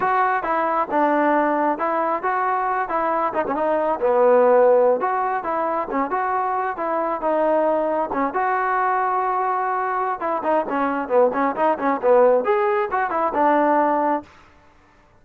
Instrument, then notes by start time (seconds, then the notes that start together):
trombone
0.00 F#4
0.43 E4
0.91 D4
1.78 E4
2.22 F#4
2.88 E4
3.33 D#4
3.47 C#4
3.55 D#4
4.00 B3
5.00 F#4
5.43 E4
5.91 C#4
6.10 F#4
6.76 E4
7.21 D#4
8.12 C#4
8.33 F#4
10.20 E4
10.43 D#4
10.69 C#4
11.08 B3
11.33 C#4
11.56 D#4
11.78 C#4
12.02 B3
12.44 G#4
12.91 F#4
13.10 E4
13.34 D4